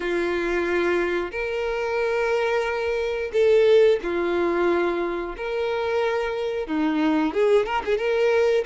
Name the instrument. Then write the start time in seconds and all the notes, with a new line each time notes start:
violin
0.00 F4
1.31 A#4
3.32 A4
4.02 F4
5.36 A#4
6.67 D#4
7.33 G#4
7.65 A#4
7.85 G#4
7.97 A#4